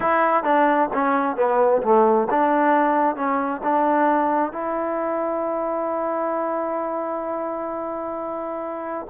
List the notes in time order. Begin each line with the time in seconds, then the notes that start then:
0.00 E4
0.43 D4
0.93 C#4
1.36 B3
1.82 A3
2.30 D4
3.15 C#4
3.63 D4
4.52 E4